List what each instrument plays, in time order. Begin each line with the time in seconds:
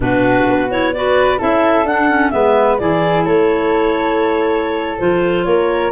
0.00 tuba B2, clarinet D4 B4, flute F#4
0.46 tuba B3
0.70 clarinet E4 C#5
0.93 clarinet F#4 D5, flute B4
1.38 tuba C#4, clarinet E4 E5, flute A4
1.84 tuba D4, clarinet D4 F#5
2.09 clarinet C#4
2.30 tuba G#3, clarinet B3 E5, flute B4
2.77 tuba E3, clarinet E4 D5, flute G#4
3.25 tuba A3, flute A4, clarinet C#5
4.98 tuba F3, clarinet F4 C5
5.44 tuba A#3, flute A#4, clarinet C#5